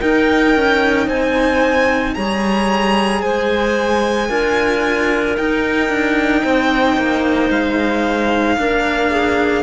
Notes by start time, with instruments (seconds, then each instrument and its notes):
0.00 cello D#4, clarinet A#4, violin G5
0.56 cello C#4
1.06 cello C4, clarinet C5, violin G#5
2.15 cello G3 G#4, clarinet C#5, violin A#5
3.22 cello G#3, clarinet C5, violin G#5
4.29 cello D4 F4, clarinet A#4
5.37 cello D#4, violin G5
5.89 cello D4
6.42 cello C4, clarinet C5
6.97 cello A#3
7.50 cello G#3, violin F5
8.57 cello A#3 D4, clarinet A#4
9.11 clarinet G#4